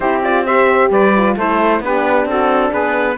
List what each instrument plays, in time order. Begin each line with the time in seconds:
0.00 cello C4, horn E4, saxophone G4, trumpet C5
0.23 horn F4, trumpet D5
0.45 horn G4, saxophone C5, trumpet E5
0.90 cello G3, saxophone B4, trumpet D5
1.16 horn F4
1.36 cello A3, horn E4, saxophone A4, trumpet C5
1.79 cello B3, horn D4, saxophone G4, trumpet B4
2.24 cello C4, saxophone F#4, trumpet A4
2.70 cello B3, saxophone G#4, trumpet B4